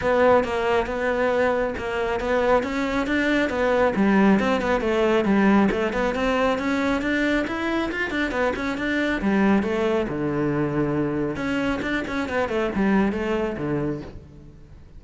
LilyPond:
\new Staff \with { instrumentName = "cello" } { \time 4/4 \tempo 4 = 137 b4 ais4 b2 | ais4 b4 cis'4 d'4 | b4 g4 c'8 b8 a4 | g4 a8 b8 c'4 cis'4 |
d'4 e'4 f'8 d'8 b8 cis'8 | d'4 g4 a4 d4~ | d2 cis'4 d'8 cis'8 | b8 a8 g4 a4 d4 | }